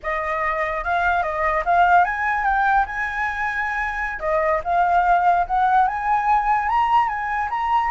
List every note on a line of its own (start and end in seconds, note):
0.03 0.83 D#5
0.83 1.22 F5
1.22 1.63 D#5
1.65 2.05 F5
2.05 2.44 G#5
2.44 2.85 G5
2.86 4.19 G#5
4.19 4.60 D#5
4.64 5.46 F5
5.46 5.87 F#5
5.87 6.69 G#5
6.69 7.08 A#5
7.08 7.49 G#5
7.50 7.91 A#5